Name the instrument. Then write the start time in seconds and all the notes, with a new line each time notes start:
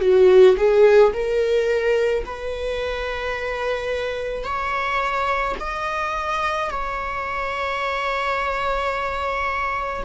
viola
0.00 F#4
0.57 G#4
1.13 A#4
2.25 B4
4.44 C#5
5.60 D#5
6.70 C#5